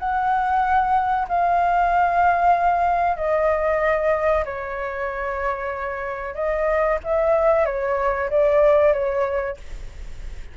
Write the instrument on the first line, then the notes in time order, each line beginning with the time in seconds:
flute
0.00 F#5
1.28 F5
3.17 D#5
4.46 C#5
6.35 D#5
7.04 E5
7.66 C#5
8.30 D5
8.94 C#5